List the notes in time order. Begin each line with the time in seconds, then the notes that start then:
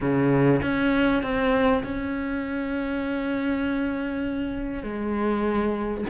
0.00 C#3
0.62 C#4
1.22 C4
1.83 C#4
4.83 G#3